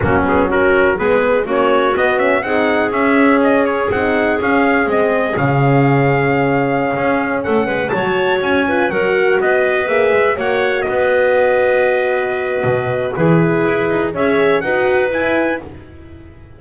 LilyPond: <<
  \new Staff \with { instrumentName = "trumpet" } { \time 4/4 \tempo 4 = 123 fis'8 gis'8 ais'4 b'4 cis''4 | dis''8 e''8 fis''4 e''4 dis''8 cis''8 | fis''4 f''4 dis''4 f''4~ | f''2.~ f''16 fis''8.~ |
fis''16 a''4 gis''4 fis''4 dis''8.~ | dis''16 e''4 fis''4 dis''4.~ dis''16~ | dis''2. b'4~ | b'4 e''4 fis''4 gis''4 | }
  \new Staff \with { instrumentName = "clarinet" } { \time 4/4 cis'4 fis'4 gis'4 fis'4~ | fis'4 gis'2.~ | gis'1~ | gis'2.~ gis'16 a'8 b'16~ |
b'16 cis''4. b'8 ais'4 b'8.~ | b'4~ b'16 cis''4 b'4.~ b'16~ | b'2. gis'4~ | gis'4 cis''4 b'2 | }
  \new Staff \with { instrumentName = "horn" } { \time 4/4 ais8 b8 cis'4 b4 cis'4 | b8 cis'8 dis'4 cis'2 | dis'4 cis'4 c'4 cis'4~ | cis'1~ |
cis'16 fis'4. f'8 fis'4.~ fis'16~ | fis'16 gis'4 fis'2~ fis'8.~ | fis'2. e'4~ | e'4 gis'4 fis'4 e'4 | }
  \new Staff \with { instrumentName = "double bass" } { \time 4/4 fis2 gis4 ais4 | b4 c'4 cis'2 | c'4 cis'4 gis4 cis4~ | cis2~ cis16 cis'4 a8 gis16~ |
gis16 fis4 cis'4 fis4 b8.~ | b16 ais8 gis8 ais4 b4.~ b16~ | b2 b,4 e4 | e'8 dis'8 cis'4 dis'4 e'4 | }
>>